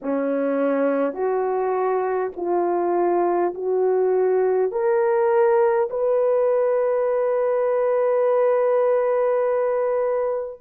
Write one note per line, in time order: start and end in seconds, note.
0.02 1.13 C#4
1.13 2.31 F#4
2.36 3.53 F4
3.54 4.71 F#4
4.71 5.89 A#4
5.89 10.60 B4